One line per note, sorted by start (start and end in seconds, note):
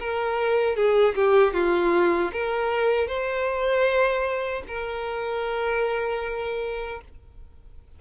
0.00 0.76 A#4
0.76 1.15 G#4
1.15 1.54 G4
1.54 2.32 F4
2.33 3.08 A#4
3.08 4.64 C5
4.68 7.02 A#4